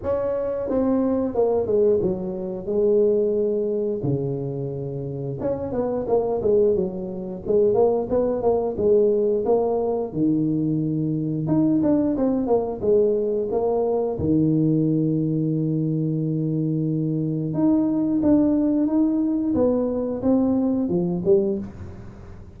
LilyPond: \new Staff \with { instrumentName = "tuba" } { \time 4/4 \tempo 4 = 89 cis'4 c'4 ais8 gis8 fis4 | gis2 cis2 | cis'8 b8 ais8 gis8 fis4 gis8 ais8 | b8 ais8 gis4 ais4 dis4~ |
dis4 dis'8 d'8 c'8 ais8 gis4 | ais4 dis2.~ | dis2 dis'4 d'4 | dis'4 b4 c'4 f8 g8 | }